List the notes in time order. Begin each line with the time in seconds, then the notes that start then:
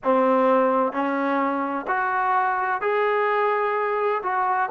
0.03 C4
0.92 C#4
1.87 F#4
2.81 G#4
4.22 F#4